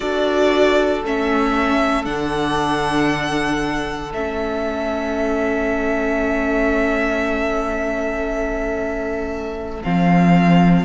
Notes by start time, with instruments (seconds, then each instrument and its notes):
0.00 cello D4, viola F#4, violin A4 D5
1.03 cello A3, viola C#4, violin E5
2.05 cello D3, viola D4, violin F#5
4.12 cello A3, viola C#4, violin E5
9.83 cello F3, viola C4, violin F5